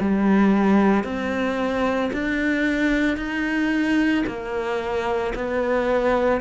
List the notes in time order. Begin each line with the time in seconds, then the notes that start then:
0.00 G3
1.03 C4
2.13 D4
3.17 D#4
4.26 A#3
5.35 B3